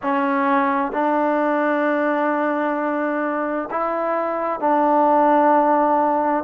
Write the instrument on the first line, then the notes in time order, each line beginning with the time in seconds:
trombone
0.02 C#4
0.92 D4
3.70 E4
4.59 D4